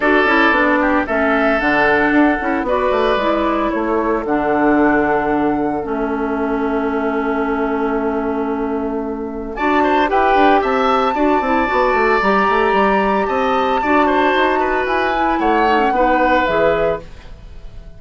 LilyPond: <<
  \new Staff \with { instrumentName = "flute" } { \time 4/4 \tempo 4 = 113 d''2 e''4 fis''4~ | fis''4 d''2 cis''4 | fis''2. e''4~ | e''1~ |
e''2 a''4 g''4 | a''2. ais''4~ | ais''4 a''2. | gis''4 fis''2 e''4 | }
  \new Staff \with { instrumentName = "oboe" } { \time 4/4 a'4. g'8 a'2~ | a'4 b'2 a'4~ | a'1~ | a'1~ |
a'2 d''8 c''8 b'4 | e''4 d''2.~ | d''4 dis''4 d''8 c''4 b'8~ | b'4 cis''4 b'2 | }
  \new Staff \with { instrumentName = "clarinet" } { \time 4/4 fis'8 e'8 d'4 cis'4 d'4~ | d'8 e'8 fis'4 e'2 | d'2. cis'4~ | cis'1~ |
cis'2 fis'4 g'4~ | g'4 fis'8 e'8 fis'4 g'4~ | g'2 fis'2~ | fis'8 e'4 dis'16 cis'16 dis'4 gis'4 | }
  \new Staff \with { instrumentName = "bassoon" } { \time 4/4 d'8 cis'8 b4 a4 d4 | d'8 cis'8 b8 a8 gis4 a4 | d2. a4~ | a1~ |
a2 d'4 e'8 d'8 | c'4 d'8 c'8 b8 a8 g8 a8 | g4 c'4 d'4 dis'4 | e'4 a4 b4 e4 | }
>>